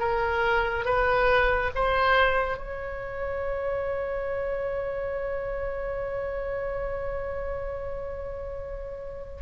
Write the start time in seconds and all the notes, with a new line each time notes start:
0.00 A#4
0.86 B4
1.75 C5
2.58 C#5